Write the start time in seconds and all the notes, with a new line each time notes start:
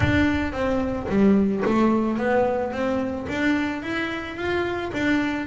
0.00 D4
0.52 C4
1.08 G3
1.65 A3
2.17 B3
2.71 C4
3.29 D4
3.82 E4
4.36 F4
4.93 D4